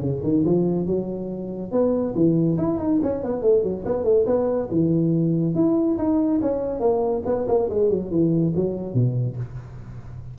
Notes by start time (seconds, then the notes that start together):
0.00 C#3
0.23 D#3
0.45 F3
0.86 F#3
1.71 B3
2.14 E3
2.57 E4
2.78 D#4
3.02 C#4
3.23 B3
3.41 A3
3.63 F#3
3.85 B3
4.04 A3
4.26 B3
4.70 E3
5.55 E4
5.98 D#4
6.41 C#4
6.79 A#3
7.25 B3
7.48 A#3
7.69 G#3
7.89 F#3
8.10 E3
8.55 F#3
8.94 B2